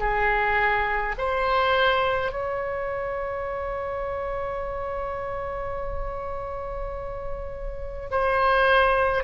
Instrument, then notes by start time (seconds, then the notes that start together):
oboe
0.00 G#4
1.18 C5
2.32 C#5
8.11 C5